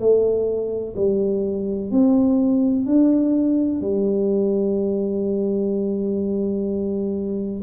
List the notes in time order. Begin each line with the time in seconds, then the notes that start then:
0.00 A3
0.97 G3
1.91 C4
2.86 D4
3.81 G3